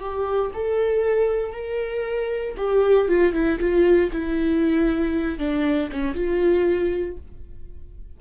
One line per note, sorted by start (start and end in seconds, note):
0.00 0.51 G4
0.54 1.53 A4
1.53 2.55 A#4
2.57 3.09 G4
3.09 3.34 F4
3.34 3.59 E4
3.60 4.11 F4
4.13 5.39 E4
5.39 5.90 D4
5.92 6.15 C#4
6.15 7.17 F4